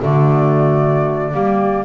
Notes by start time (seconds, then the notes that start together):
0.00 D3 A3 F#4 D5
1.32 G3 A#3 G4